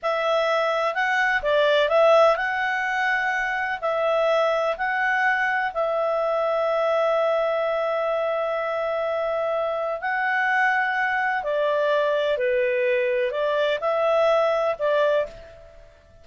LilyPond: \new Staff \with { instrumentName = "clarinet" } { \time 4/4 \tempo 4 = 126 e''2 fis''4 d''4 | e''4 fis''2. | e''2 fis''2 | e''1~ |
e''1~ | e''4 fis''2. | d''2 b'2 | d''4 e''2 d''4 | }